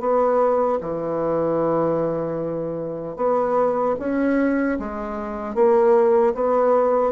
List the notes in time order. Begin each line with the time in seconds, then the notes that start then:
0.00 B3
0.81 E3
3.16 B3
3.99 C#4
4.79 G#3
5.55 A#3
6.34 B3